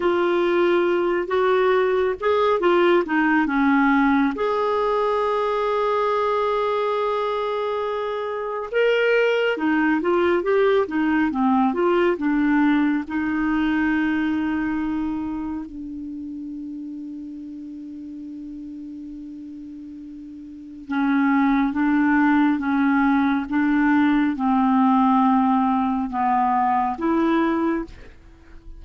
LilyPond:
\new Staff \with { instrumentName = "clarinet" } { \time 4/4 \tempo 4 = 69 f'4. fis'4 gis'8 f'8 dis'8 | cis'4 gis'2.~ | gis'2 ais'4 dis'8 f'8 | g'8 dis'8 c'8 f'8 d'4 dis'4~ |
dis'2 d'2~ | d'1 | cis'4 d'4 cis'4 d'4 | c'2 b4 e'4 | }